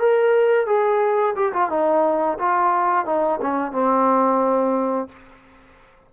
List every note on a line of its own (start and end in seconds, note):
0.00 0.67 A#4
0.67 1.35 G#4
1.36 1.53 G4
1.54 1.70 F4
1.70 2.38 D#4
2.40 3.06 F4
3.06 3.40 D#4
3.42 3.73 C#4
3.73 5.09 C4